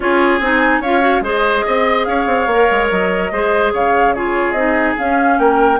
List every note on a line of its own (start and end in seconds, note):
0.00 0.39 C#4
0.00 0.41 F4
0.00 0.81 G#4
0.00 0.40 C#5
0.39 0.79 C4
0.39 0.83 D#4
0.39 0.82 G#5
0.79 1.20 C#4
0.79 1.00 F4
0.79 1.22 C#5
0.79 1.24 F5
1.00 1.21 F#4
1.20 1.62 G#3
1.20 2.48 G#4
1.20 1.65 C5
1.20 2.04 D#5
1.66 2.07 C4
1.66 2.07 D#5
2.04 2.26 C#4
2.04 3.31 C#5
2.04 2.87 F5
2.26 2.46 C4
2.46 2.67 A#3
2.46 3.33 A#4
2.71 2.91 G#3
2.90 3.31 F#3
2.90 3.72 D#5
3.31 3.72 G#3
3.31 4.15 G#4
3.31 3.73 C5
3.72 4.52 C#3
3.72 4.14 C#5
3.72 4.13 F5
4.13 4.56 F4
4.13 5.39 G#4
4.13 4.52 C#5
4.52 4.93 C4
4.52 4.97 D#4
4.52 4.93 D#5
4.97 5.79 C#4
4.97 5.38 C#4
4.97 5.38 F5
5.38 5.79 A#3
5.38 5.79 A#4
5.38 5.79 G5